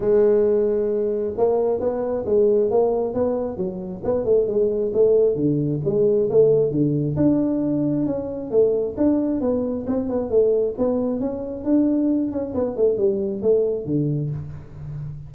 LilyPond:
\new Staff \with { instrumentName = "tuba" } { \time 4/4 \tempo 4 = 134 gis2. ais4 | b4 gis4 ais4 b4 | fis4 b8 a8 gis4 a4 | d4 gis4 a4 d4 |
d'2 cis'4 a4 | d'4 b4 c'8 b8 a4 | b4 cis'4 d'4. cis'8 | b8 a8 g4 a4 d4 | }